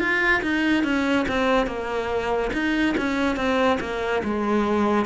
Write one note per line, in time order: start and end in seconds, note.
0.00 0.42 F4
0.43 0.84 D#4
0.84 1.26 C#4
1.29 1.67 C4
1.67 2.52 A#3
2.54 2.96 D#4
2.98 3.37 C#4
3.37 3.79 C4
3.81 4.23 A#3
4.24 5.06 G#3